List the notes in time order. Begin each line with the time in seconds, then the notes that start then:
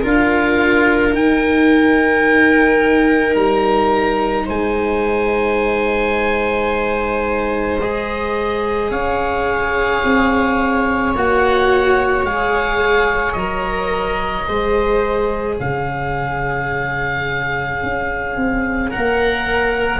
0.00 D4 F4 A#4
0.06 F5
1.11 D#4 G5
3.35 G3 A#5
4.45 G#3 C5 G#5
7.81 G#4 D#5
8.90 C#4 C#5 F5
10.03 C4
11.15 A#3 F#4 F#5
12.23 G#3 G#4 F5
13.32 F#3 A#4 D#5
14.47 G#3 G#4 C5
15.58 C#3 C#5 F5
17.82 C#4
18.36 C4
18.90 A#4 F#5
18.96 A#3